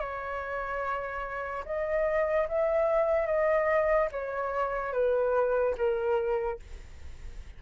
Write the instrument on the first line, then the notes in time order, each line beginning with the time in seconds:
flute
0.00 C#5
1.66 D#5
2.48 E5
3.27 D#5
4.12 C#5
4.93 B4
5.77 A#4